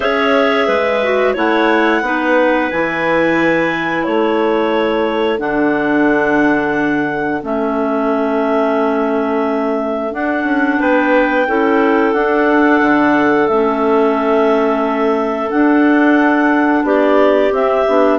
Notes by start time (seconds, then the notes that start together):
0.00 C#4 G#4 C#5 E5
0.67 G#3 B4
1.02 F#4
1.33 A3 E4 C#5 F#5
2.01 B3 D#4 B4
2.70 E3 E4 G#5
4.04 A3 A4 C#5
5.38 D3 D4 F#5
7.42 A3 C#4 E5
10.11 D4 F#5
10.43 C#4
10.79 B3 B4 G5
11.47 C#4 E4 A4
12.13 D4 F#5
12.81 D3
13.47 A3 C#4 E5
15.49 D4 F#5
16.83 B3 G4 D5
17.50 C4 E5
17.87 B3 D4